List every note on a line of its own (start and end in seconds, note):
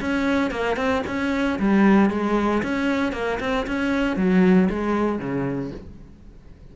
0.00 0.51 C#4
0.51 0.76 A#3
0.76 1.02 C4
1.06 1.59 C#4
1.59 2.10 G3
2.10 2.62 G#3
2.63 3.12 C#4
3.12 3.38 A#3
3.40 3.66 C4
3.66 4.16 C#4
4.16 4.68 F#3
4.69 5.19 G#3
5.19 5.71 C#3